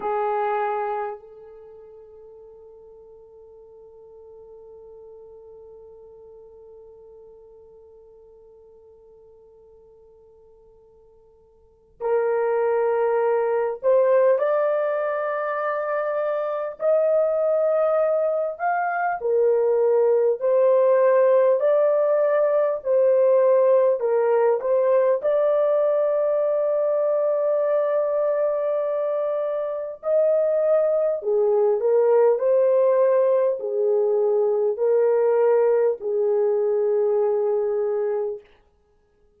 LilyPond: \new Staff \with { instrumentName = "horn" } { \time 4/4 \tempo 4 = 50 gis'4 a'2.~ | a'1~ | a'2 ais'4. c''8 | d''2 dis''4. f''8 |
ais'4 c''4 d''4 c''4 | ais'8 c''8 d''2.~ | d''4 dis''4 gis'8 ais'8 c''4 | gis'4 ais'4 gis'2 | }